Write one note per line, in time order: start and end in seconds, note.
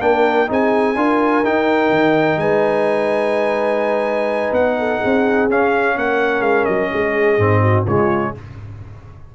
0.00 0.48 A#3
0.00 0.47 D4
0.00 0.50 A#4
0.00 0.49 G5
0.47 0.96 C4
0.47 0.95 D#4
0.47 0.97 G#4
0.47 1.45 G#5
0.96 1.43 D4
0.96 1.44 F4
0.96 2.40 A#4
1.44 1.90 D#4
1.44 5.50 D#4
1.44 2.39 G5
1.90 2.37 D#3
2.37 4.51 G#3
2.37 4.78 B4
2.37 4.53 G#5
4.52 5.00 B3
4.52 5.49 F#5
4.79 4.99 A4
4.99 5.49 C4
4.99 5.94 G#4
5.49 5.97 C#4
5.49 7.39 C#4
5.49 5.98 F5
5.96 6.41 A#3
5.96 6.92 A#4
5.96 6.42 F#5
6.41 6.64 G#3
6.41 6.65 F5
6.65 6.92 F#3
6.65 7.84 D#5
6.93 7.38 G#3
6.93 7.61 G#4
7.38 7.86 G#2
7.38 7.87 C4
7.61 7.85 F#4
7.85 8.34 C#3
7.85 8.36 G#3
7.85 8.33 F4
7.85 8.35 C#5